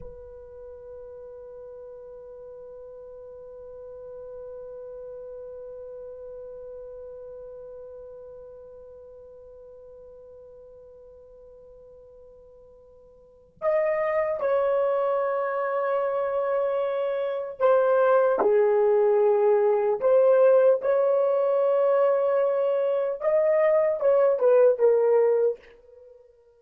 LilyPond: \new Staff \with { instrumentName = "horn" } { \time 4/4 \tempo 4 = 75 b'1~ | b'1~ | b'1~ | b'1~ |
b'4 dis''4 cis''2~ | cis''2 c''4 gis'4~ | gis'4 c''4 cis''2~ | cis''4 dis''4 cis''8 b'8 ais'4 | }